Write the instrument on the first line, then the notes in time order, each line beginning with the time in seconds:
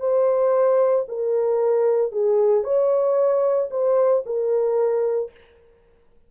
horn
0.00 C5
1.08 A#4
2.12 G#4
2.64 C#5
3.70 C5
4.26 A#4